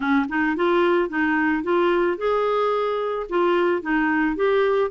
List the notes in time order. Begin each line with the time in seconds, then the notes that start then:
0.00 C#4
0.29 D#4
0.56 F4
1.09 D#4
1.63 F4
2.17 G#4
3.29 F4
3.82 D#4
4.36 G4